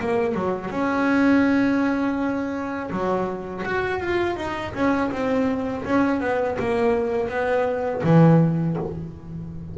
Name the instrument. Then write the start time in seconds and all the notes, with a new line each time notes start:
double bass
0.00 A#3
0.35 F#3
0.71 C#4
2.91 F#3
3.65 F#4
4.00 F4
4.37 D#4
4.74 C#4
5.12 C4
5.85 C#4
6.21 B3
6.59 A#3
7.29 B3
8.04 E3